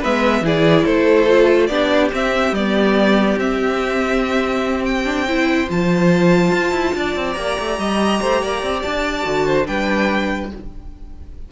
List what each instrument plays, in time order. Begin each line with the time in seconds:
0.00 cello G#3, viola B3, violin B4 E5
0.42 cello E3, viola E4, violin G#4 D5
0.86 cello A3, violin A4 C5
1.28 viola F4
1.67 cello B3, viola D4, violin G4 D5
2.12 viola C4, cello C4, violin E5
2.52 cello G3, viola B3, violin D5
3.37 cello C4, viola C4, violin E5
4.85 violin G5
5.05 viola D4
5.28 viola E4, violin C5
5.67 cello F3, viola F4, violin A5
6.52 cello F4
6.72 cello E4
6.96 cello D4, violin D5
7.16 cello C4
7.33 cello A#3, viola G4, violin A#5
7.60 cello A3
7.79 cello G3, violin D#5
8.22 cello A3, violin C5
8.42 cello A#3, violin D5
8.63 cello C4
8.83 cello D4, violin A5
9.23 cello D3, viola F#4
9.47 violin C5
9.66 cello G3, viola D4, violin B4 G5